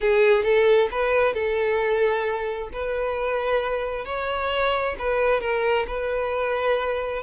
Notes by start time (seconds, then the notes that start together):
0.00 G#4
0.43 A4
0.91 B4
1.33 A4
2.73 B4
4.05 C#5
4.98 B4
5.40 A#4
5.87 B4